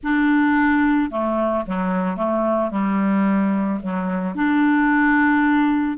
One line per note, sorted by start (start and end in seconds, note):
0.03 1.11 D4
1.11 1.65 A3
1.66 2.16 F#3
2.16 2.70 A3
2.70 3.79 G3
3.82 4.35 F#3
4.35 5.97 D4